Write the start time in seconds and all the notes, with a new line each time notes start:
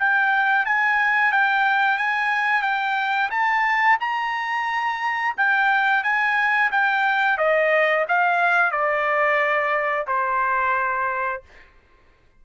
0.00 G5
0.66 G#5
1.32 G5
1.98 G#5
2.63 G5
3.31 A5
4.00 A#5
5.37 G5
6.04 G#5
6.71 G5
7.38 D#5
8.09 F5
8.72 D5
10.08 C5